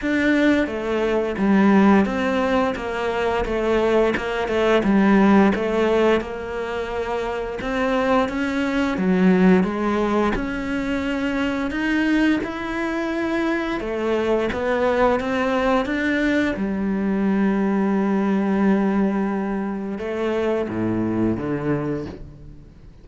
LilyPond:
\new Staff \with { instrumentName = "cello" } { \time 4/4 \tempo 4 = 87 d'4 a4 g4 c'4 | ais4 a4 ais8 a8 g4 | a4 ais2 c'4 | cis'4 fis4 gis4 cis'4~ |
cis'4 dis'4 e'2 | a4 b4 c'4 d'4 | g1~ | g4 a4 a,4 d4 | }